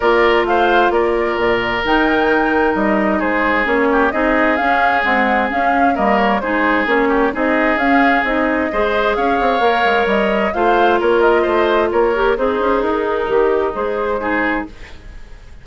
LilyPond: <<
  \new Staff \with { instrumentName = "flute" } { \time 4/4 \tempo 4 = 131 d''4 f''4 d''2 | g''2 dis''4 c''4 | cis''4 dis''4 f''4 fis''4 | f''4 dis''8 cis''8 c''4 cis''4 |
dis''4 f''4 dis''2 | f''2 dis''4 f''4 | cis''8 dis''4. cis''4 c''4 | ais'2 c''2 | }
  \new Staff \with { instrumentName = "oboe" } { \time 4/4 ais'4 c''4 ais'2~ | ais'2. gis'4~ | gis'8 g'8 gis'2.~ | gis'4 ais'4 gis'4. g'8 |
gis'2. c''4 | cis''2. c''4 | ais'4 c''4 ais'4 dis'4~ | dis'2. gis'4 | }
  \new Staff \with { instrumentName = "clarinet" } { \time 4/4 f'1 | dis'1 | cis'4 dis'4 cis'4 gis4 | cis'4 ais4 dis'4 cis'4 |
dis'4 cis'4 dis'4 gis'4~ | gis'4 ais'2 f'4~ | f'2~ f'8 g'8 gis'4~ | gis'4 g'4 gis'4 dis'4 | }
  \new Staff \with { instrumentName = "bassoon" } { \time 4/4 ais4 a4 ais4 ais,4 | dis2 g4 gis4 | ais4 c'4 cis'4 c'4 | cis'4 g4 gis4 ais4 |
c'4 cis'4 c'4 gis4 | cis'8 c'8 ais8 gis8 g4 a4 | ais4 a4 ais4 c'8 cis'8 | dis'4 dis4 gis2 | }
>>